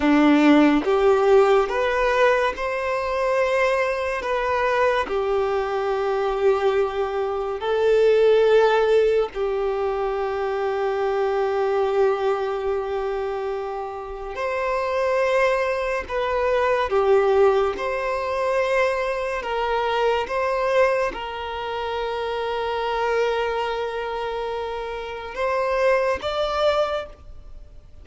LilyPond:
\new Staff \with { instrumentName = "violin" } { \time 4/4 \tempo 4 = 71 d'4 g'4 b'4 c''4~ | c''4 b'4 g'2~ | g'4 a'2 g'4~ | g'1~ |
g'4 c''2 b'4 | g'4 c''2 ais'4 | c''4 ais'2.~ | ais'2 c''4 d''4 | }